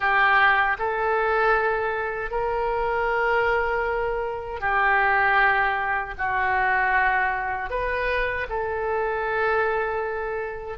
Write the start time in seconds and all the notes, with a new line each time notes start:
0.00 G4
0.79 A4
2.30 A#4
4.60 G4
6.18 F#4
7.70 B4
8.49 A4